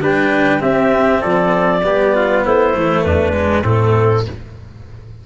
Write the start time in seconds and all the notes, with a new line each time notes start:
0.00 G3 D4 B4 G5
0.59 C4 G4 E5
1.20 F3 A4 D5
1.83 G3 B3 G4
2.15 F4
2.44 A3 E4 C5
2.73 E3 A3
3.03 E2 D4 B4
3.33 G#3
3.63 A2 A3 C4 A4